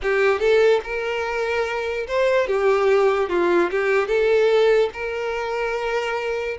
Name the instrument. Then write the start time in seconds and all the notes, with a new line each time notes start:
violin
0.02 G4
0.39 A4
0.83 A#4
2.07 C5
2.47 G4
3.29 F4
3.71 G4
4.07 A4
4.93 A#4